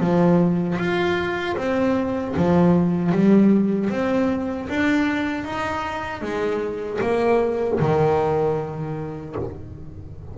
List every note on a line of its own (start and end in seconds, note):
0.00 0.78 F3
0.79 1.57 F4
1.57 2.35 C4
2.37 3.12 F3
3.12 3.90 G3
3.90 4.68 C4
4.69 5.45 D4
5.45 6.22 D#4
6.22 7.00 G#3
7.01 7.79 A#3
7.80 9.36 D#3